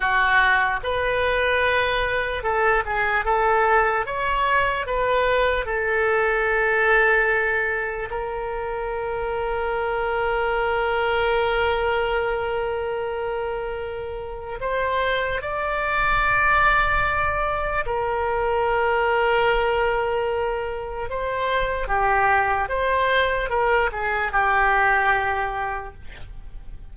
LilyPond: \new Staff \with { instrumentName = "oboe" } { \time 4/4 \tempo 4 = 74 fis'4 b'2 a'8 gis'8 | a'4 cis''4 b'4 a'4~ | a'2 ais'2~ | ais'1~ |
ais'2 c''4 d''4~ | d''2 ais'2~ | ais'2 c''4 g'4 | c''4 ais'8 gis'8 g'2 | }